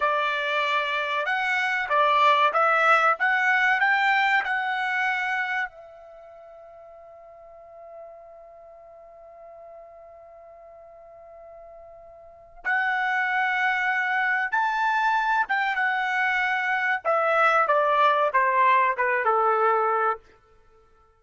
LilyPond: \new Staff \with { instrumentName = "trumpet" } { \time 4/4 \tempo 4 = 95 d''2 fis''4 d''4 | e''4 fis''4 g''4 fis''4~ | fis''4 e''2.~ | e''1~ |
e''1 | fis''2. a''4~ | a''8 g''8 fis''2 e''4 | d''4 c''4 b'8 a'4. | }